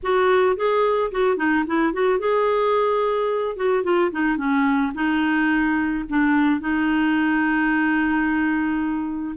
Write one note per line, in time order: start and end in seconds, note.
0.03 0.56 F#4
0.56 1.11 G#4
1.11 1.37 F#4
1.37 1.64 D#4
1.66 1.93 E4
1.93 2.19 F#4
2.19 3.56 G#4
3.56 3.83 F#4
3.83 4.11 F4
4.11 4.37 D#4
4.37 4.92 C#4
4.94 6.04 D#4
6.09 6.60 D4
6.60 9.35 D#4